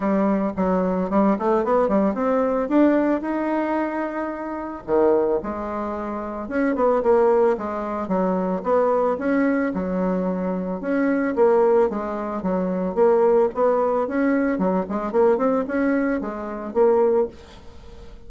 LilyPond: \new Staff \with { instrumentName = "bassoon" } { \time 4/4 \tempo 4 = 111 g4 fis4 g8 a8 b8 g8 | c'4 d'4 dis'2~ | dis'4 dis4 gis2 | cis'8 b8 ais4 gis4 fis4 |
b4 cis'4 fis2 | cis'4 ais4 gis4 fis4 | ais4 b4 cis'4 fis8 gis8 | ais8 c'8 cis'4 gis4 ais4 | }